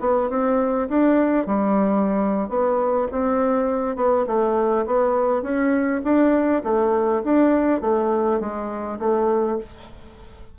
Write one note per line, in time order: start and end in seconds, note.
0.00 0.29 B3
0.30 0.89 C4
0.89 1.47 D4
1.47 2.49 G3
2.49 3.08 B3
3.11 3.96 C4
3.96 4.25 B3
4.27 4.86 A3
4.86 5.42 B3
5.42 6.01 C#4
6.04 6.63 D4
6.64 7.22 A3
7.24 7.81 D4
7.81 8.40 A3
8.40 8.99 G#3
8.99 9.58 A3